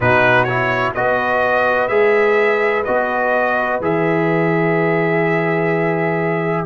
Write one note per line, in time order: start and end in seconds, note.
0.00 0.95 B2
0.00 0.48 D#4
0.00 0.94 F#4
0.00 0.44 B4
0.44 0.95 E4
0.44 0.91 C#5
0.94 1.89 B3
0.94 1.89 F#4
0.94 6.65 B4
0.94 1.88 D#5
1.88 2.85 G#3
1.88 2.85 G#4
1.88 2.83 E5
2.84 3.80 B3
2.84 3.81 F#4
2.84 3.79 D#5
3.80 6.65 E3
3.80 6.65 G#4
3.80 6.65 E5